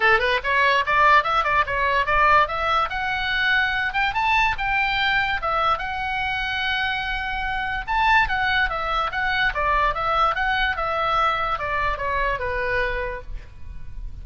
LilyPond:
\new Staff \with { instrumentName = "oboe" } { \time 4/4 \tempo 4 = 145 a'8 b'8 cis''4 d''4 e''8 d''8 | cis''4 d''4 e''4 fis''4~ | fis''4. g''8 a''4 g''4~ | g''4 e''4 fis''2~ |
fis''2. a''4 | fis''4 e''4 fis''4 d''4 | e''4 fis''4 e''2 | d''4 cis''4 b'2 | }